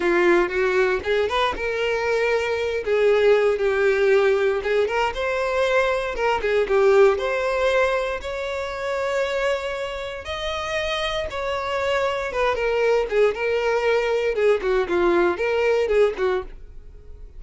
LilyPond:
\new Staff \with { instrumentName = "violin" } { \time 4/4 \tempo 4 = 117 f'4 fis'4 gis'8 b'8 ais'4~ | ais'4. gis'4. g'4~ | g'4 gis'8 ais'8 c''2 | ais'8 gis'8 g'4 c''2 |
cis''1 | dis''2 cis''2 | b'8 ais'4 gis'8 ais'2 | gis'8 fis'8 f'4 ais'4 gis'8 fis'8 | }